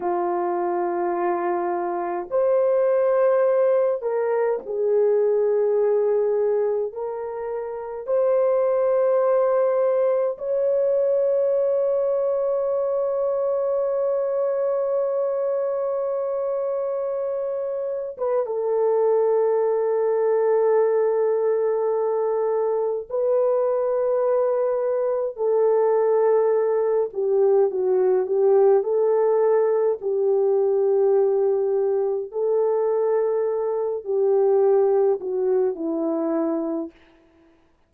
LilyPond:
\new Staff \with { instrumentName = "horn" } { \time 4/4 \tempo 4 = 52 f'2 c''4. ais'8 | gis'2 ais'4 c''4~ | c''4 cis''2.~ | cis''2.~ cis''8. b'16 |
a'1 | b'2 a'4. g'8 | fis'8 g'8 a'4 g'2 | a'4. g'4 fis'8 e'4 | }